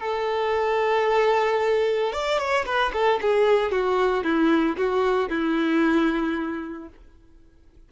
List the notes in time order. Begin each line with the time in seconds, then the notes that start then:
0.00 A4
2.12 D5
2.38 C#5
2.65 B4
2.93 A4
3.21 G#4
3.71 F#4
4.23 E4
4.77 F#4
5.29 E4